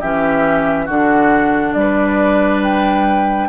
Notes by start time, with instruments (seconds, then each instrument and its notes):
0.00 bassoon E3, clarinet C#4, oboe G4, flute E5
0.85 bassoon D3, clarinet D4, oboe F#4, flute F#5
1.73 bassoon G3, flute D5
1.79 oboe B4
2.63 flute G5